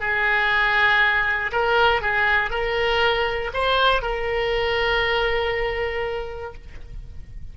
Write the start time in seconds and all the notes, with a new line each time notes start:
0.00 G#4
1.52 A#4
2.01 G#4
2.50 A#4
3.53 C5
4.02 A#4